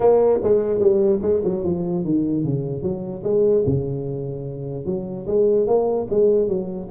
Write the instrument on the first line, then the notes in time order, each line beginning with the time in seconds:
tuba
0.00 A#3
0.43 G#3
0.79 G3
1.22 G#3
1.44 F#3
1.63 F3
2.04 D#3
2.44 C#3
2.82 F#3
3.23 G#3
3.65 C#3
4.85 F#3
5.26 G#3
5.66 A#3
6.10 G#3
6.48 F#3